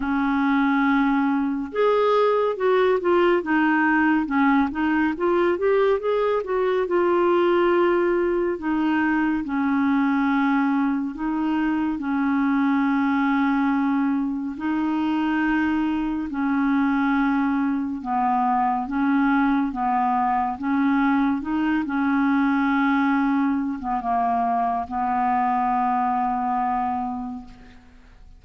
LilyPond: \new Staff \with { instrumentName = "clarinet" } { \time 4/4 \tempo 4 = 70 cis'2 gis'4 fis'8 f'8 | dis'4 cis'8 dis'8 f'8 g'8 gis'8 fis'8 | f'2 dis'4 cis'4~ | cis'4 dis'4 cis'2~ |
cis'4 dis'2 cis'4~ | cis'4 b4 cis'4 b4 | cis'4 dis'8 cis'2~ cis'16 b16 | ais4 b2. | }